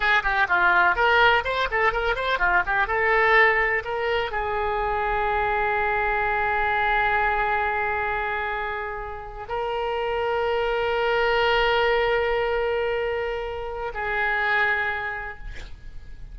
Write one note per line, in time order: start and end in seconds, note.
0.00 0.22 G#4
0.23 0.47 G4
0.48 0.95 F4
0.95 1.43 A#4
1.44 1.68 C5
1.70 1.92 A4
1.92 2.15 A#4
2.15 2.38 C5
2.38 2.62 F4
2.66 2.87 G4
2.87 3.83 A4
3.84 4.31 A#4
4.31 9.47 G#4
9.48 13.92 A#4
13.94 15.38 G#4